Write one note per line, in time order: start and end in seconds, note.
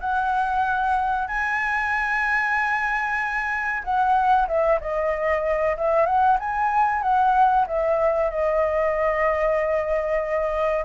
0.00 1.28 F#5
1.28 3.83 G#5
3.84 4.47 F#5
4.47 4.79 E5
4.80 5.76 D#5
5.77 6.06 E5
6.06 6.37 F#5
6.39 7.02 G#5
7.02 7.66 F#5
7.67 8.30 E5
8.30 10.85 D#5